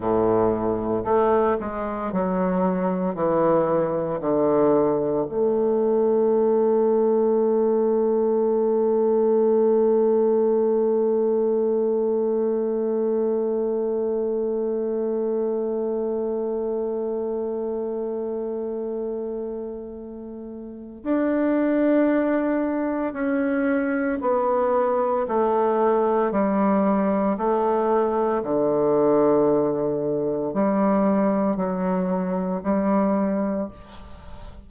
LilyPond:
\new Staff \with { instrumentName = "bassoon" } { \time 4/4 \tempo 4 = 57 a,4 a8 gis8 fis4 e4 | d4 a2.~ | a1~ | a1~ |
a1 | d'2 cis'4 b4 | a4 g4 a4 d4~ | d4 g4 fis4 g4 | }